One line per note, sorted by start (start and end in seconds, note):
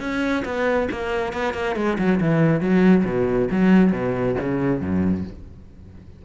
0.00 0.43 C#4
0.45 0.89 B3
0.91 1.33 A#3
1.33 1.54 B3
1.54 1.76 A#3
1.76 1.98 G#3
1.98 2.20 F#3
2.21 2.61 E3
2.61 3.04 F#3
3.05 3.48 B2
3.51 3.92 F#3
3.92 4.36 B2
4.40 4.81 C#3
4.81 5.25 F#2